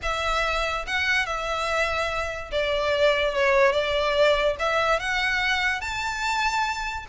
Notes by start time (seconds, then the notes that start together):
0.02 E5
0.86 F#5
1.25 E5
2.51 D5
3.34 C#5
3.72 D5
4.59 E5
4.99 F#5
5.80 A5